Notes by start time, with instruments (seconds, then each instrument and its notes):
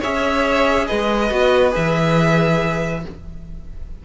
0.00 cello C#4, viola G#4, violin C#5 E5
0.87 cello G#3, violin B4 D#5
1.31 cello B3, viola F#4
1.71 cello E3, viola G#4, violin E5